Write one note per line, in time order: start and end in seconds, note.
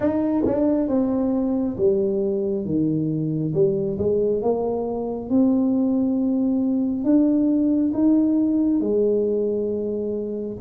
0.00 0.44 D#4
0.46 0.88 D4
0.88 1.76 C4
1.77 2.65 G3
2.65 3.53 D#3
3.53 3.97 G3
3.98 4.42 G#3
4.42 5.29 A#3
5.29 7.03 C4
7.03 7.92 D4
7.93 8.80 D#4
8.80 10.56 G#3